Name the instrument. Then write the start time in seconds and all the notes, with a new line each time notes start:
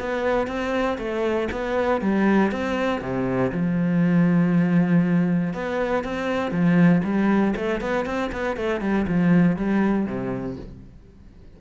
cello
0.00 B3
0.48 C4
0.98 A3
1.52 B3
2.02 G3
2.52 C4
3.02 C3
3.52 F3
5.54 B3
6.04 C4
6.51 F3
7.04 G3
7.56 A3
7.81 B3
8.06 C4
8.32 B3
8.57 A3
8.81 G3
9.08 F3
9.57 G3
10.06 C3